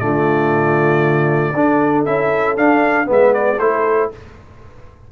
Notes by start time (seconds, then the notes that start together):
0.00 D3 A3 F4 D5
1.54 D4 A4
2.05 C#4 E4 E5
2.57 D4 F5
3.06 G#3 B3 B4
3.12 E5
3.34 D5
3.60 A3 E4 A4 C5